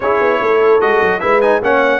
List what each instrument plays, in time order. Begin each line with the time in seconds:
0.00 tuba C#4, trombone E4, horn G#4, trumpet C#5
0.20 tuba B3
0.41 tuba A3, horn A4
0.80 tuba G#3, trombone F#4, trumpet D#5
1.02 tuba F#3
1.20 tuba G#3, trombone E4, horn B4, trumpet E5
1.41 trombone D#4, trumpet G#5
1.61 tuba A#3, trombone C#4, horn C#5, trumpet F#5